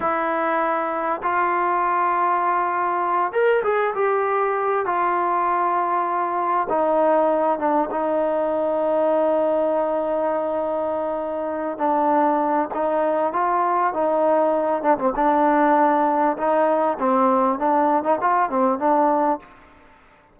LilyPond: \new Staff \with { instrumentName = "trombone" } { \time 4/4 \tempo 4 = 99 e'2 f'2~ | f'4. ais'8 gis'8 g'4. | f'2. dis'4~ | dis'8 d'8 dis'2.~ |
dis'2.~ dis'8 d'8~ | d'4 dis'4 f'4 dis'4~ | dis'8 d'16 c'16 d'2 dis'4 | c'4 d'8. dis'16 f'8 c'8 d'4 | }